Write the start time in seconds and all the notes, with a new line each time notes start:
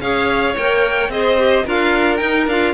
0.00 C#4 G#4 C#5 F5
0.57 A#3 A#4 G5
1.09 C4 G#4 C5 D#5
1.38 G4
1.65 D4 F4 A#4 F5
2.17 D#4 G5
2.47 D4 F4 F5